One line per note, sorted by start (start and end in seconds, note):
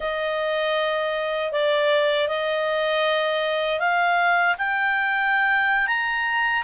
0.00 1.52 D#5
1.52 2.28 D5
2.28 3.79 D#5
3.79 4.55 F5
4.58 5.87 G5
5.87 6.63 A#5